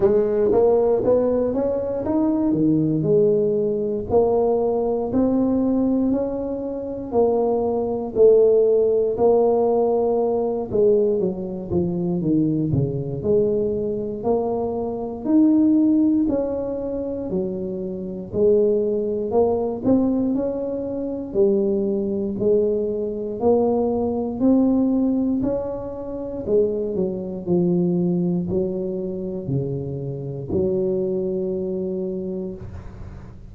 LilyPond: \new Staff \with { instrumentName = "tuba" } { \time 4/4 \tempo 4 = 59 gis8 ais8 b8 cis'8 dis'8 dis8 gis4 | ais4 c'4 cis'4 ais4 | a4 ais4. gis8 fis8 f8 | dis8 cis8 gis4 ais4 dis'4 |
cis'4 fis4 gis4 ais8 c'8 | cis'4 g4 gis4 ais4 | c'4 cis'4 gis8 fis8 f4 | fis4 cis4 fis2 | }